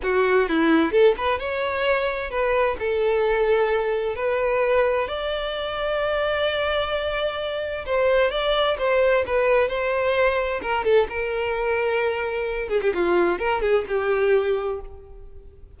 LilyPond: \new Staff \with { instrumentName = "violin" } { \time 4/4 \tempo 4 = 130 fis'4 e'4 a'8 b'8 cis''4~ | cis''4 b'4 a'2~ | a'4 b'2 d''4~ | d''1~ |
d''4 c''4 d''4 c''4 | b'4 c''2 ais'8 a'8 | ais'2.~ ais'8 gis'16 g'16 | f'4 ais'8 gis'8 g'2 | }